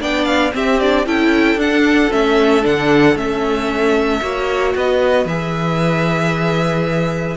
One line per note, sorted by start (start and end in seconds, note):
0.00 0.53 B3
0.00 0.52 D4
0.00 0.53 D5
0.00 0.25 G5
0.25 0.51 F5
0.52 0.78 C4
0.52 1.06 C4
0.52 1.06 G4
0.52 0.79 E5
0.79 1.05 D4
0.79 1.06 D5
1.05 1.55 C#4
1.05 1.57 E4
1.05 4.21 A4
1.05 1.59 G5
1.55 2.08 D4
1.55 2.10 D4
1.55 2.12 F#5
2.11 2.65 A3
2.11 2.62 C#4
2.11 2.64 E5
2.62 3.15 D3
2.62 3.14 D4
2.62 3.17 F#5
3.15 4.20 A3
3.15 4.21 C#4
3.15 4.75 E5
4.21 4.74 A#3
4.21 5.27 F#4
4.21 4.73 C#5
4.75 5.25 B3
4.75 7.36 B4
4.75 5.27 D#5
5.25 7.36 E3
5.25 7.36 G#4
5.25 7.36 E5